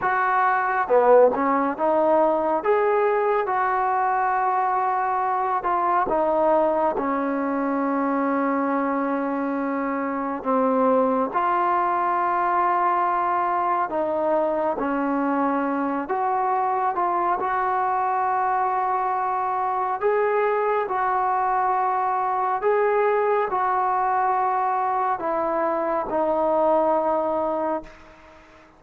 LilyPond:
\new Staff \with { instrumentName = "trombone" } { \time 4/4 \tempo 4 = 69 fis'4 b8 cis'8 dis'4 gis'4 | fis'2~ fis'8 f'8 dis'4 | cis'1 | c'4 f'2. |
dis'4 cis'4. fis'4 f'8 | fis'2. gis'4 | fis'2 gis'4 fis'4~ | fis'4 e'4 dis'2 | }